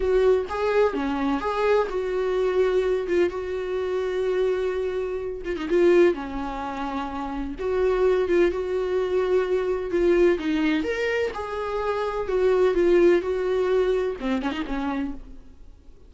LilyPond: \new Staff \with { instrumentName = "viola" } { \time 4/4 \tempo 4 = 127 fis'4 gis'4 cis'4 gis'4 | fis'2~ fis'8 f'8 fis'4~ | fis'2.~ fis'8 f'16 dis'16 | f'4 cis'2. |
fis'4. f'8 fis'2~ | fis'4 f'4 dis'4 ais'4 | gis'2 fis'4 f'4 | fis'2 c'8 cis'16 dis'16 cis'4 | }